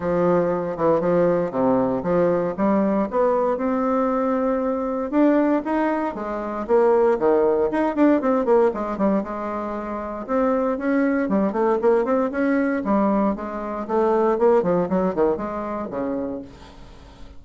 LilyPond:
\new Staff \with { instrumentName = "bassoon" } { \time 4/4 \tempo 4 = 117 f4. e8 f4 c4 | f4 g4 b4 c'4~ | c'2 d'4 dis'4 | gis4 ais4 dis4 dis'8 d'8 |
c'8 ais8 gis8 g8 gis2 | c'4 cis'4 g8 a8 ais8 c'8 | cis'4 g4 gis4 a4 | ais8 f8 fis8 dis8 gis4 cis4 | }